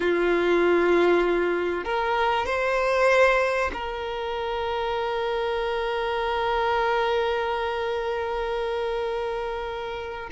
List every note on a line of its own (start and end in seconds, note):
0.00 1.84 F4
1.84 2.46 A#4
2.46 3.71 C5
3.73 10.29 A#4